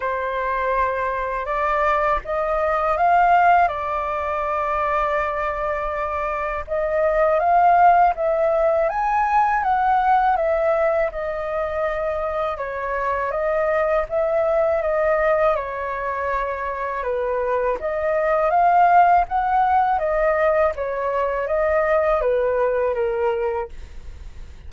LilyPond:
\new Staff \with { instrumentName = "flute" } { \time 4/4 \tempo 4 = 81 c''2 d''4 dis''4 | f''4 d''2.~ | d''4 dis''4 f''4 e''4 | gis''4 fis''4 e''4 dis''4~ |
dis''4 cis''4 dis''4 e''4 | dis''4 cis''2 b'4 | dis''4 f''4 fis''4 dis''4 | cis''4 dis''4 b'4 ais'4 | }